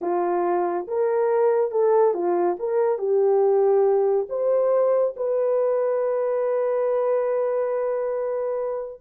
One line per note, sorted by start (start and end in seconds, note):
0.01 0.86 F4
0.87 1.71 A#4
1.71 2.14 A4
2.14 2.57 F4
2.59 2.98 A#4
2.98 4.27 G4
4.29 5.14 C5
5.16 9.01 B4